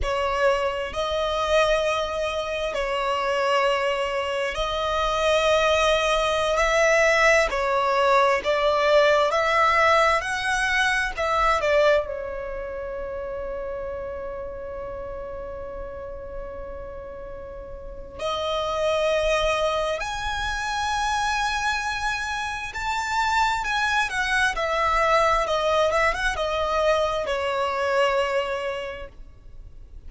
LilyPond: \new Staff \with { instrumentName = "violin" } { \time 4/4 \tempo 4 = 66 cis''4 dis''2 cis''4~ | cis''4 dis''2~ dis''16 e''8.~ | e''16 cis''4 d''4 e''4 fis''8.~ | fis''16 e''8 d''8 cis''2~ cis''8.~ |
cis''1 | dis''2 gis''2~ | gis''4 a''4 gis''8 fis''8 e''4 | dis''8 e''16 fis''16 dis''4 cis''2 | }